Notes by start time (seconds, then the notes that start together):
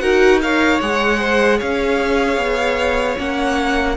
0.00 D#4 F#4 A#4 F#5
0.42 A#4 C#5 F5
0.81 G#3 G#4 F#5
1.20 C5
1.58 C#4 C#5 F5
2.37 B3
3.17 A#3 C#4 F#5